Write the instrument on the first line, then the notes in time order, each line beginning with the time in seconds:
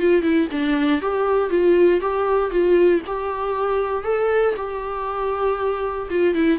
viola
0.00 F4
0.22 E4
0.51 D4
1.01 G4
1.50 F4
2.01 G4
2.51 F4
3.07 G4
4.04 A4
4.56 G4
6.10 F4
6.35 E4